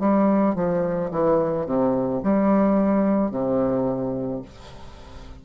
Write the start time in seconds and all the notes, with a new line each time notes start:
0.00 G3
0.56 F3
1.11 E3
1.67 C3
2.24 G3
3.31 C3